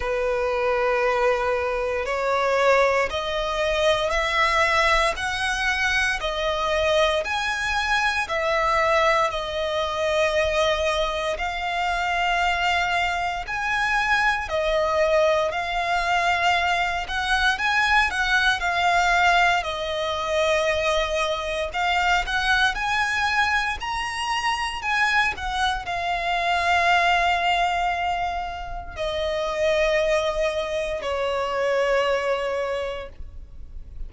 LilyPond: \new Staff \with { instrumentName = "violin" } { \time 4/4 \tempo 4 = 58 b'2 cis''4 dis''4 | e''4 fis''4 dis''4 gis''4 | e''4 dis''2 f''4~ | f''4 gis''4 dis''4 f''4~ |
f''8 fis''8 gis''8 fis''8 f''4 dis''4~ | dis''4 f''8 fis''8 gis''4 ais''4 | gis''8 fis''8 f''2. | dis''2 cis''2 | }